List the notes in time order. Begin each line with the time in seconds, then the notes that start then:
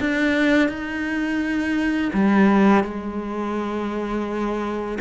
0.00 D4
0.69 D#4
2.13 G3
2.84 G#3